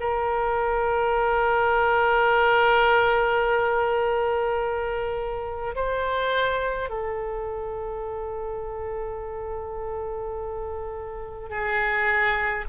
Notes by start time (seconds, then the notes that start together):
0.00 A#4
5.75 C5
6.90 A4
11.50 G#4